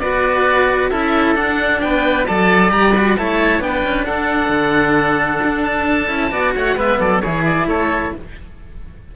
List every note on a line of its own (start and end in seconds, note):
0.00 0.90 B3
0.00 0.91 F#4
0.00 0.91 B4
0.00 0.90 D5
0.90 1.36 C#4
0.90 1.35 E4
0.90 1.81 A4
0.90 1.35 E5
1.35 2.26 D4
1.35 1.81 D4
1.35 1.81 F#5
1.81 2.29 B3
1.81 2.28 B4
1.81 2.26 G5
2.27 2.71 F#3
2.27 2.70 A4
2.27 3.18 D5
2.27 2.72 A5
2.70 3.16 G3
2.70 2.93 G4
2.70 2.94 A#5
2.95 3.18 F#4
2.95 3.17 B5
3.17 3.60 A3
3.17 3.60 E4
3.17 3.64 C#5
3.17 3.62 A5
3.60 3.82 B3
3.60 6.08 D4
3.60 4.05 G5
3.66 4.07 B4
3.84 4.07 C#4
4.05 4.49 D4
4.05 6.32 A4
4.05 5.63 F#5
4.49 5.40 D3
5.44 6.10 D4
5.63 6.53 A5
6.08 6.32 C#4
6.08 6.30 E4
6.31 6.54 B3
6.31 6.76 F#4
6.31 6.54 D5
6.55 6.76 A3
6.55 6.76 C#5
6.55 6.79 F#5
6.76 6.99 G#3
6.76 7.22 B3
6.76 6.99 B4
6.76 7.01 E5
7.00 7.22 F#3
7.00 7.22 A4
7.00 7.20 D5
7.20 7.66 E3
7.20 8.15 E4
7.20 7.68 G#4
7.20 7.43 C#5
7.45 7.68 D5
7.66 8.11 A3
7.66 8.14 A4
7.66 8.13 C#5